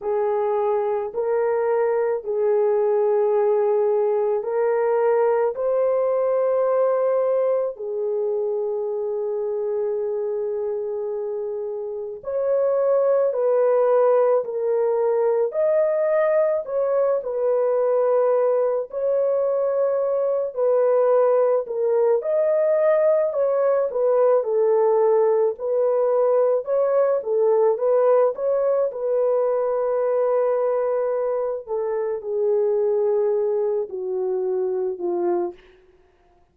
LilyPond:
\new Staff \with { instrumentName = "horn" } { \time 4/4 \tempo 4 = 54 gis'4 ais'4 gis'2 | ais'4 c''2 gis'4~ | gis'2. cis''4 | b'4 ais'4 dis''4 cis''8 b'8~ |
b'4 cis''4. b'4 ais'8 | dis''4 cis''8 b'8 a'4 b'4 | cis''8 a'8 b'8 cis''8 b'2~ | b'8 a'8 gis'4. fis'4 f'8 | }